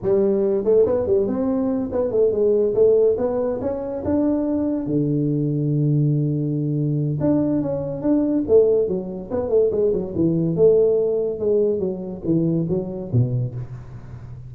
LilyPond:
\new Staff \with { instrumentName = "tuba" } { \time 4/4 \tempo 4 = 142 g4. a8 b8 g8 c'4~ | c'8 b8 a8 gis4 a4 b8~ | b8 cis'4 d'2 d8~ | d1~ |
d4 d'4 cis'4 d'4 | a4 fis4 b8 a8 gis8 fis8 | e4 a2 gis4 | fis4 e4 fis4 b,4 | }